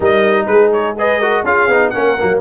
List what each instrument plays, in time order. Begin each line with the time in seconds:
0.00 tuba G3, trombone D#4, horn A#4, trumpet D#5
0.46 tuba G#3, horn G#4, trumpet B4
0.72 trumpet C#5
0.98 trombone G#4, horn B4, trumpet D#5
1.19 trombone F#4, horn A#4
1.43 tuba C#4, trombone F4, horn G#4, trumpet F5
1.67 tuba B3, trombone D#4
1.90 tuba A#3, trombone C#4, horn A#4, trumpet F#5
2.19 tuba F#3, trombone A#3